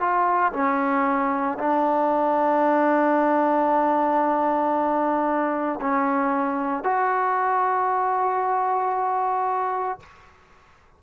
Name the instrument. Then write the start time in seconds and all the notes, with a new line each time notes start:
trombone
0.00 F4
0.53 C#4
1.59 D4
5.81 C#4
6.84 F#4